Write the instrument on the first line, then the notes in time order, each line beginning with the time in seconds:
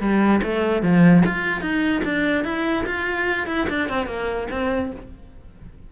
cello
0.00 G3
0.43 A3
0.82 F3
1.26 F4
1.61 D#4
2.04 D4
2.44 E4
2.86 F4
3.47 E4
3.69 D4
3.89 C4
4.07 A#3
4.51 C4